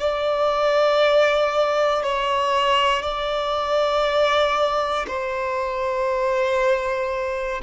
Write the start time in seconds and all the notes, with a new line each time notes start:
0.00 D5
2.03 C#5
3.03 D5
5.08 C5